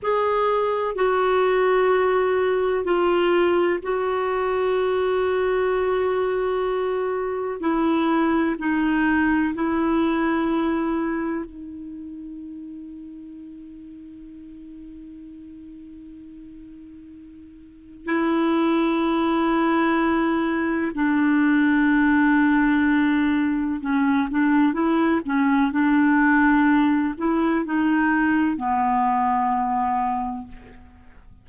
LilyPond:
\new Staff \with { instrumentName = "clarinet" } { \time 4/4 \tempo 4 = 63 gis'4 fis'2 f'4 | fis'1 | e'4 dis'4 e'2 | dis'1~ |
dis'2. e'4~ | e'2 d'2~ | d'4 cis'8 d'8 e'8 cis'8 d'4~ | d'8 e'8 dis'4 b2 | }